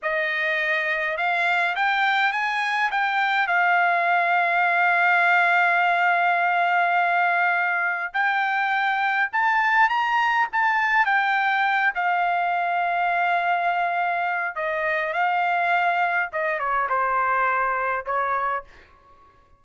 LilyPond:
\new Staff \with { instrumentName = "trumpet" } { \time 4/4 \tempo 4 = 103 dis''2 f''4 g''4 | gis''4 g''4 f''2~ | f''1~ | f''2 g''2 |
a''4 ais''4 a''4 g''4~ | g''8 f''2.~ f''8~ | f''4 dis''4 f''2 | dis''8 cis''8 c''2 cis''4 | }